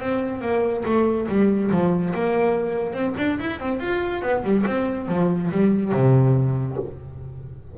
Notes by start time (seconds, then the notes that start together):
0.00 C4
0.41 A#3
0.85 A3
1.28 G3
1.71 F3
2.14 A#3
2.93 C4
3.17 D4
3.39 E4
3.59 C4
3.80 F4
4.22 B3
4.43 G3
4.66 C4
5.08 F3
5.51 G3
5.92 C3